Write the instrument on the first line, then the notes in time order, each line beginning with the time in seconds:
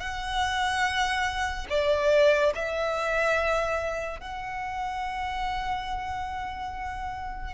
violin
0.00 F#5
1.70 D5
2.55 E5
4.20 F#5